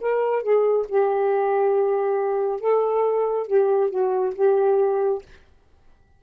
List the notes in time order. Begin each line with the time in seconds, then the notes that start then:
0.00 A#4
0.42 G#4
0.88 G4
2.60 A4
3.47 G4
3.90 F#4
4.35 G4